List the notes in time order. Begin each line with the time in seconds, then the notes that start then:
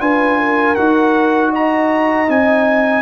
0.00 D4 F4 B4 G#5
0.39 A#4
0.75 D#4 F#4 F#5
1.51 D#5 A#5
2.28 C4 D#4 G#5